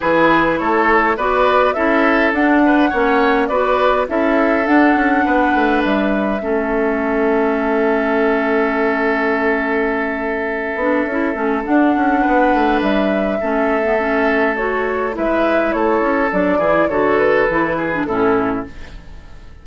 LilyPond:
<<
  \new Staff \with { instrumentName = "flute" } { \time 4/4 \tempo 4 = 103 b'4 cis''4 d''4 e''4 | fis''2 d''4 e''4 | fis''2 e''2~ | e''1~ |
e''1 | fis''2 e''2~ | e''4 cis''4 e''4 cis''4 | d''4 cis''8 b'4. a'4 | }
  \new Staff \with { instrumentName = "oboe" } { \time 4/4 gis'4 a'4 b'4 a'4~ | a'8 b'8 cis''4 b'4 a'4~ | a'4 b'2 a'4~ | a'1~ |
a'1~ | a'4 b'2 a'4~ | a'2 b'4 a'4~ | a'8 gis'8 a'4. gis'8 e'4 | }
  \new Staff \with { instrumentName = "clarinet" } { \time 4/4 e'2 fis'4 e'4 | d'4 cis'4 fis'4 e'4 | d'2. cis'4~ | cis'1~ |
cis'2~ cis'8 d'8 e'8 cis'8 | d'2. cis'8. b16 | cis'4 fis'4 e'2 | d'8 e'8 fis'4 e'8. d'16 cis'4 | }
  \new Staff \with { instrumentName = "bassoon" } { \time 4/4 e4 a4 b4 cis'4 | d'4 ais4 b4 cis'4 | d'8 cis'8 b8 a8 g4 a4~ | a1~ |
a2~ a8 b8 cis'8 a8 | d'8 cis'8 b8 a8 g4 a4~ | a2 gis4 a8 cis'8 | fis8 e8 d4 e4 a,4 | }
>>